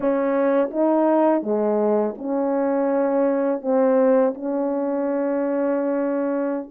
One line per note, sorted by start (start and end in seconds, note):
0.00 0.70 C#4
0.70 1.42 D#4
1.42 2.15 G#3
2.18 3.61 C#4
3.61 4.33 C4
4.34 6.69 C#4